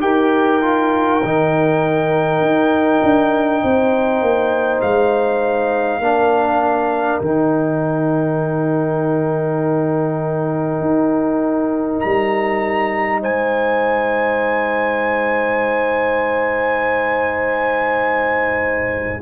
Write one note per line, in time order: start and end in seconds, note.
0.00 1.22 D#4
0.00 0.60 G4
0.00 3.62 A#4
0.00 4.81 G5
0.61 1.21 F4
1.23 2.41 D#3
1.23 6.02 D#4
2.41 3.00 D#4
3.03 3.63 D4
3.62 4.21 C4
3.62 6.03 C5
4.21 4.81 A#3
4.81 5.99 G#3
4.81 7.20 F5
5.99 7.19 A#3
5.99 7.21 D4
5.99 13.21 A#4
7.20 10.80 D#3
7.20 19.22 D#4
7.20 12.00 G5
10.80 12.01 D#4
12.00 13.24 G3
12.00 13.20 A#5
13.21 19.22 G#3
13.21 19.21 C5
13.21 19.22 G#5